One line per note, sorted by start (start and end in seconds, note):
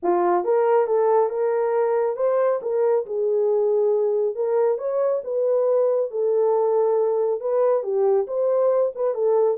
0.02 0.44 F4
0.44 0.87 A#4
0.87 1.29 A4
1.29 2.16 A#4
2.16 2.59 C5
2.62 3.05 A#4
3.06 4.35 G#4
4.35 4.78 A#4
4.78 5.21 C#5
5.24 6.11 B4
6.11 7.40 A4
7.40 7.83 B4
7.83 8.26 G4
8.27 8.92 C5
8.95 9.14 B4
9.14 9.57 A4